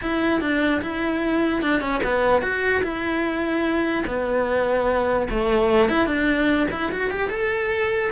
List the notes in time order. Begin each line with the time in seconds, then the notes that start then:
0.01 E4
0.40 D4
0.81 E4
1.61 D4
1.80 C#4
2.03 B3
2.42 F#4
2.82 E4
4.06 B3
5.30 A3
5.88 E4
6.06 D4
6.71 E4
6.92 F#4
7.10 G4
7.29 A4